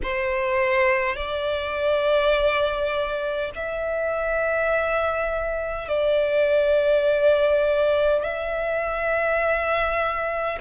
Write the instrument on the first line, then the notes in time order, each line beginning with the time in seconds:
violin
0.03 C5
1.16 D5
3.55 E5
5.88 D5
8.23 E5